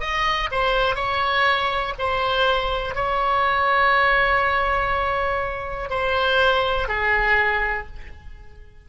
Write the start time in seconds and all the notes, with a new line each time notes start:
0.00 D#5
0.51 C5
0.96 C#5
1.99 C5
2.95 C#5
5.90 C5
6.88 G#4